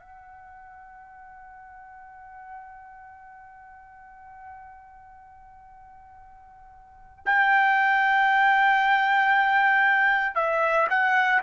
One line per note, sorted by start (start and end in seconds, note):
0.00 7.24 F#5
7.26 10.36 G5
10.36 10.88 E5
10.90 11.42 F#5